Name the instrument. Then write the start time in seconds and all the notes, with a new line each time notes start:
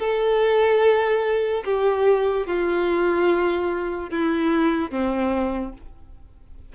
violin
0.00 A4
1.65 G4
2.47 F4
4.11 E4
4.91 C4